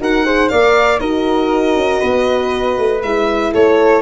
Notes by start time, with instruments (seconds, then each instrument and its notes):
0.00 tuba D#4, horn F#4, flute A#4, violin F#5
0.25 horn G#4, flute C5
0.49 tuba A#3, horn A#4, flute D5, violin F5
1.00 tuba D#4, horn F#4, flute A#4, violin D#5
1.76 tuba C#4
2.00 tuba B3, flute B4
2.78 tuba A3
3.03 tuba G#3, horn E4, violin E5
3.52 tuba A3, flute A4, violin C#5